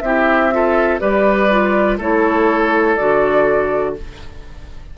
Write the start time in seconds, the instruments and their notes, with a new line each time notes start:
0.00 bassoon C4, clarinet E4, oboe G4, flute E5
0.51 clarinet F4, oboe A4
0.99 bassoon G3, clarinet G4, oboe B4, flute D5
1.50 clarinet F4
1.98 bassoon A3, clarinet E4, oboe A4, flute C#5
2.95 bassoon D3, clarinet F#4, flute D5